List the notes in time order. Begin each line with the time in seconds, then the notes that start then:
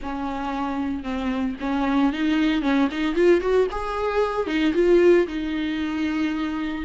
0.02 C#4
1.03 C4
1.60 C#4
2.12 D#4
2.62 C#4
2.91 D#4
3.15 F4
3.40 F#4
3.71 G#4
4.46 D#4
4.74 F4
5.27 D#4